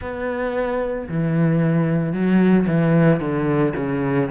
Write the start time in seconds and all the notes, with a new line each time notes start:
0.01 B3
1.08 E3
2.12 F#3
2.67 E3
3.19 D3
3.75 C#3